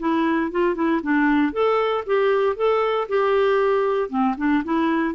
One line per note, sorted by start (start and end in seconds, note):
0.00 0.52 E4
0.52 0.75 F4
0.75 1.01 E4
1.03 1.53 D4
1.53 2.05 A4
2.07 2.57 G4
2.57 3.08 A4
3.09 4.10 G4
4.10 4.36 C4
4.38 4.64 D4
4.65 5.15 E4